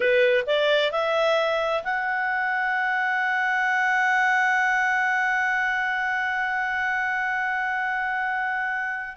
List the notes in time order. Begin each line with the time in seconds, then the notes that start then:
0.00 B4
0.46 D5
0.91 E5
1.83 F#5